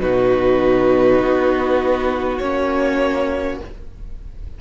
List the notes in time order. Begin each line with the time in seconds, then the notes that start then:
0.00 B2 D#4 F#4 B4
1.19 B3
2.38 A#3 C#4 C#5